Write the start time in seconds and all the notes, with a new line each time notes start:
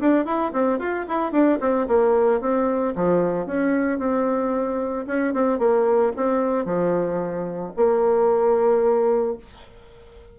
0.00 D4
0.25 E4
0.53 C4
0.79 F4
1.08 E4
1.32 D4
1.60 C4
1.87 A#3
2.41 C4
2.96 F3
3.46 C#4
3.99 C4
5.07 C#4
5.34 C4
5.59 A#3
6.16 C4
6.65 F3
7.77 A#3